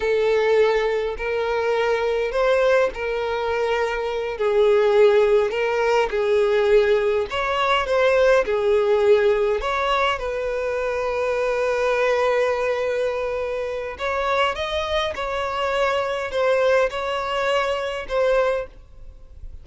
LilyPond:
\new Staff \with { instrumentName = "violin" } { \time 4/4 \tempo 4 = 103 a'2 ais'2 | c''4 ais'2~ ais'8 gis'8~ | gis'4. ais'4 gis'4.~ | gis'8 cis''4 c''4 gis'4.~ |
gis'8 cis''4 b'2~ b'8~ | b'1 | cis''4 dis''4 cis''2 | c''4 cis''2 c''4 | }